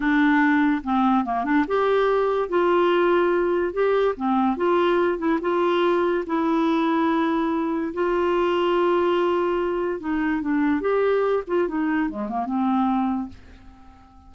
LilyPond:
\new Staff \with { instrumentName = "clarinet" } { \time 4/4 \tempo 4 = 144 d'2 c'4 ais8 d'8 | g'2 f'2~ | f'4 g'4 c'4 f'4~ | f'8 e'8 f'2 e'4~ |
e'2. f'4~ | f'1 | dis'4 d'4 g'4. f'8 | dis'4 gis8 ais8 c'2 | }